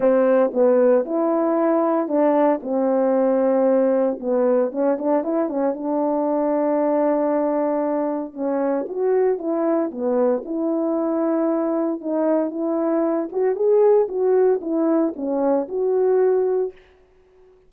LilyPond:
\new Staff \with { instrumentName = "horn" } { \time 4/4 \tempo 4 = 115 c'4 b4 e'2 | d'4 c'2. | b4 cis'8 d'8 e'8 cis'8 d'4~ | d'1 |
cis'4 fis'4 e'4 b4 | e'2. dis'4 | e'4. fis'8 gis'4 fis'4 | e'4 cis'4 fis'2 | }